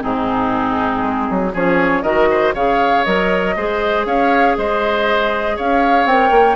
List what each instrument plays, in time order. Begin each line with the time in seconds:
0.00 bassoon G#2, clarinet C4, oboe D#4, flute G#4
1.03 bassoon G#3
1.30 bassoon F#3
1.54 bassoon F3, clarinet C#4, oboe G#4, flute C#5
2.03 bassoon D#3, clarinet F#4, oboe A#4, flute D#5
2.31 oboe C5
2.54 bassoon C#3, clarinet G#4, oboe C#5, flute F5
3.05 bassoon F#3, clarinet A#4, flute D#5
3.57 bassoon G#3, clarinet G#4, oboe C5
4.06 bassoon C#4, oboe C#5, flute F5
4.58 bassoon G#3, oboe C5, flute D#5
5.56 bassoon C#4, oboe C#5, flute F5
6.06 bassoon C4, clarinet A#4, flute G5
6.31 bassoon A#3